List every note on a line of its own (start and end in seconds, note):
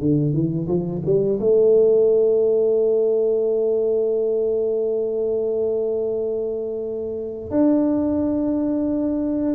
0.00 0.33 D3
0.33 0.68 E3
0.68 1.02 F3
1.05 1.39 G3
1.40 7.51 A3
7.51 9.55 D4